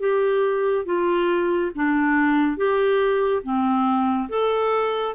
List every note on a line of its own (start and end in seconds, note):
0.00 0.86 G4
0.86 1.71 F4
1.75 2.57 D4
2.57 3.43 G4
3.43 4.29 C4
4.29 5.15 A4